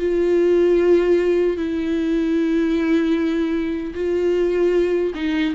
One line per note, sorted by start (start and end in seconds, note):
0.00 1.58 F4
1.58 3.94 E4
3.95 5.14 F4
5.15 5.54 D#4